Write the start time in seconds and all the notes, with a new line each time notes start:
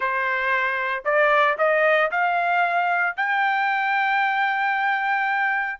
0.00 C5
1.04 D5
1.58 D#5
2.11 F5
3.16 G5